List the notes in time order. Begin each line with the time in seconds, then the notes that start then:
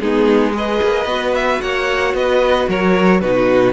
0.00 G#3 B3 D#4 G#4
0.53 G#4 B4 D#5
0.82 A#3
1.05 B3 F#4
1.34 E5
1.61 A#3 C#5 F#5
2.14 B3 B4 D#5
2.68 F#3 A#4 C#5
3.20 B2 D#4 F#4 B4